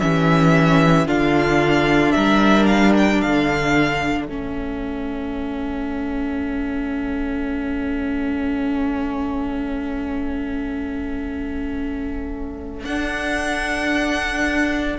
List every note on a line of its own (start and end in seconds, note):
0.00 1.07 E3
0.00 1.06 C#4
0.00 1.06 G4
0.00 1.07 E5
1.06 2.14 D3
1.06 4.28 D4
1.06 2.13 F4
1.06 2.12 F5
2.12 3.22 G3
2.12 3.23 A#4
2.12 2.65 E5
2.66 2.93 F5
2.97 3.21 G5
3.21 4.28 D3
3.21 14.99 A4
3.21 4.25 F5
4.25 12.84 A3
4.25 12.85 C#4
4.25 12.82 E5
12.84 14.98 D4
12.84 14.99 D4
12.84 14.99 F#5